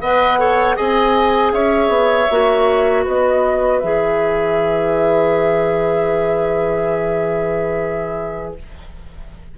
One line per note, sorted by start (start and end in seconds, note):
0.00 0.76 B3
0.00 0.39 B4
0.00 0.39 D#5
0.00 0.76 F#5
0.39 0.75 A4
0.39 0.76 C#5
0.75 1.52 C4
0.75 2.27 G#4
0.75 1.52 D#5
0.75 1.52 G#5
1.52 1.88 C#4
1.52 3.03 C#5
1.52 3.04 E5
1.88 2.26 B3
2.30 3.06 A#3
2.30 3.82 F#4
3.03 3.83 B3
3.03 8.54 B4
3.03 3.79 D#5
3.79 8.58 E3
3.79 8.58 G#4
3.79 8.54 E5